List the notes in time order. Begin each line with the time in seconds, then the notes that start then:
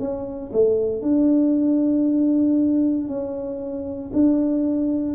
0.00 C#4
0.53 A3
1.03 D4
3.08 C#4
4.14 D4